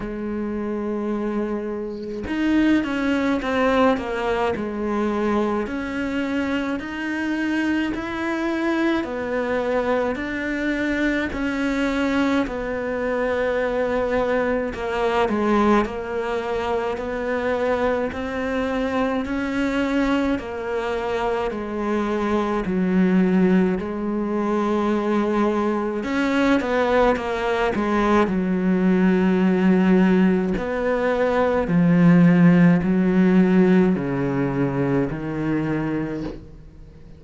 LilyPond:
\new Staff \with { instrumentName = "cello" } { \time 4/4 \tempo 4 = 53 gis2 dis'8 cis'8 c'8 ais8 | gis4 cis'4 dis'4 e'4 | b4 d'4 cis'4 b4~ | b4 ais8 gis8 ais4 b4 |
c'4 cis'4 ais4 gis4 | fis4 gis2 cis'8 b8 | ais8 gis8 fis2 b4 | f4 fis4 cis4 dis4 | }